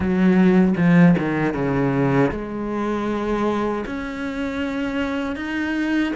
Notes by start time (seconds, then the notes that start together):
0.00 F#3
0.77 F3
1.18 D#3
1.53 C#3
2.31 G#3
3.85 C#4
5.36 D#4